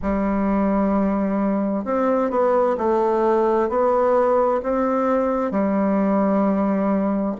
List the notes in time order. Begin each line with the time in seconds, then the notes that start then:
0.02 G3
1.85 C4
2.30 B3
2.77 A3
3.69 B3
4.62 C4
5.51 G3